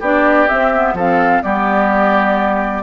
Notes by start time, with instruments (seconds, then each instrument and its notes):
0.00 bassoon B3, clarinet D4, oboe G4, flute D5
0.48 clarinet C4, bassoon C4, flute E5
0.74 clarinet B3
0.93 bassoon F3, clarinet C4, oboe A4, flute F5
1.42 bassoon G3, clarinet B3, oboe G4, flute D5